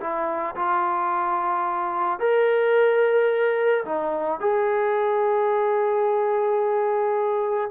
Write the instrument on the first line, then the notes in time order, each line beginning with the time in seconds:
trombone
0.00 E4
0.55 F4
2.19 A#4
3.85 D#4
4.40 G#4